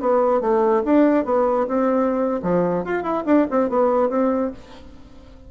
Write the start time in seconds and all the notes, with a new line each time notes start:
0.00 B3
0.40 A3
0.84 D4
1.25 B3
1.67 C4
2.42 F3
2.84 F4
3.02 E4
3.26 D4
3.50 C4
3.69 B3
4.09 C4